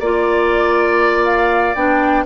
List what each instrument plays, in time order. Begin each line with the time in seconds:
0.00 bassoon A#3, clarinet F4, oboe D5, flute D5
1.25 flute F5
1.75 bassoon B3, clarinet D4, flute G5